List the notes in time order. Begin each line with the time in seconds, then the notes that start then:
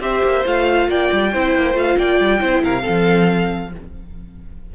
0.00 C4 G4 C5 E5
0.24 A#3
0.45 A3 F4 F5
0.88 A#3 D5 G5
1.12 G3
1.32 C4 E4 C5
1.56 A#3
1.74 A3 F4 F5
1.98 A#3 D5 G5
2.20 G3
2.39 C4 E4 C5
2.64 C3 A#4 F5
2.82 C4 A4
2.88 F3